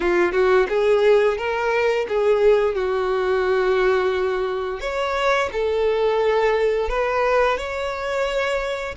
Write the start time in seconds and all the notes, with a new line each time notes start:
0.00 F4
0.32 F#4
0.68 G#4
1.37 A#4
2.08 G#4
2.75 F#4
4.80 C#5
5.52 A4
6.89 B4
7.57 C#5